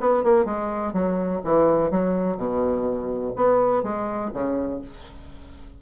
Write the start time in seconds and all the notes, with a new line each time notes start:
0.00 B3
0.23 A#3
0.45 G#3
0.93 F#3
1.44 E3
1.90 F#3
2.37 B2
3.36 B3
3.83 G#3
4.33 C#3